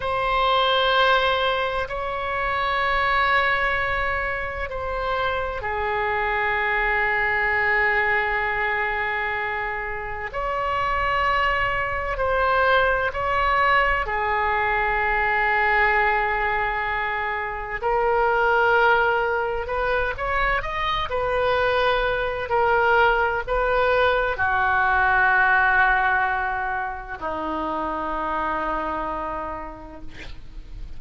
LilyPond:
\new Staff \with { instrumentName = "oboe" } { \time 4/4 \tempo 4 = 64 c''2 cis''2~ | cis''4 c''4 gis'2~ | gis'2. cis''4~ | cis''4 c''4 cis''4 gis'4~ |
gis'2. ais'4~ | ais'4 b'8 cis''8 dis''8 b'4. | ais'4 b'4 fis'2~ | fis'4 dis'2. | }